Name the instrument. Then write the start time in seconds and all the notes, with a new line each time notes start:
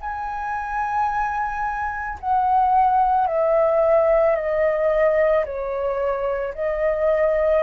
flute
0.00 G#5
2.20 F#5
3.26 E5
4.35 D#5
5.45 C#5
6.54 D#5